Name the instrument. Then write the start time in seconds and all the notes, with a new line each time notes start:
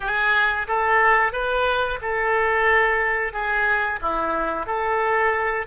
oboe
0.00 G#4
0.67 A4
1.32 B4
2.01 A4
3.32 G#4
4.01 E4
4.66 A4